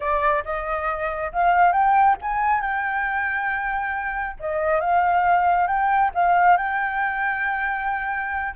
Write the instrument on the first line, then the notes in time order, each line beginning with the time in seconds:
flute
0.00 D5
0.44 D#5
1.32 F5
1.72 G5
2.21 G#5
2.61 G5
4.39 D#5
4.80 F5
5.67 G5
6.14 F5
6.57 G5